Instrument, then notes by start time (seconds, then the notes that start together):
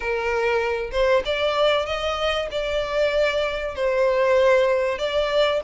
violin
0.00 A#4
0.91 C5
1.25 D5
1.86 D#5
2.51 D5
3.75 C5
4.98 D5